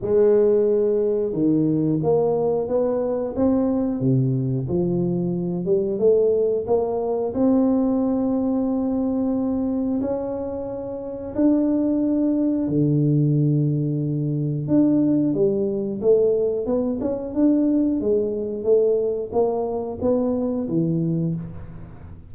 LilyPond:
\new Staff \with { instrumentName = "tuba" } { \time 4/4 \tempo 4 = 90 gis2 dis4 ais4 | b4 c'4 c4 f4~ | f8 g8 a4 ais4 c'4~ | c'2. cis'4~ |
cis'4 d'2 d4~ | d2 d'4 g4 | a4 b8 cis'8 d'4 gis4 | a4 ais4 b4 e4 | }